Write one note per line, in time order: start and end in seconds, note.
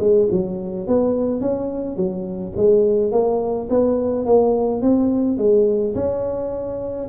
0.00 0.28 G#3
0.32 0.87 F#3
0.87 1.41 B3
1.41 1.97 C#4
1.97 2.53 F#3
2.57 3.12 G#3
3.12 3.69 A#3
3.70 4.26 B3
4.26 4.82 A#3
4.82 5.38 C4
5.38 5.95 G#3
5.95 7.08 C#4